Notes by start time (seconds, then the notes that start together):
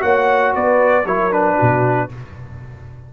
0.00 A#3 F#4 C#5 F#5
0.54 B3 B4 D5
1.05 F#3 E4 A#4 C#5
1.31 D4 B4
1.55 F#4
1.62 B2